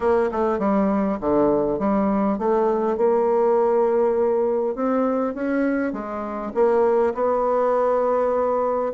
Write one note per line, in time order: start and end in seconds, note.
0.00 0.29 A#3
0.31 0.59 A3
0.59 1.18 G3
1.20 1.78 D3
1.78 2.38 G3
2.38 2.97 A3
2.97 4.75 A#3
4.75 5.34 C4
5.34 5.92 C#4
5.92 6.52 G#3
6.54 7.13 A#3
7.14 8.92 B3